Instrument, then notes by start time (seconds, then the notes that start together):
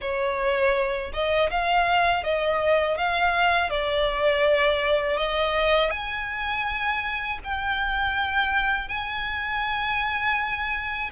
violin
0.01 C#5
1.13 D#5
1.50 F5
2.23 D#5
2.97 F5
3.70 D5
5.17 D#5
5.90 G#5
7.44 G5
8.88 G#5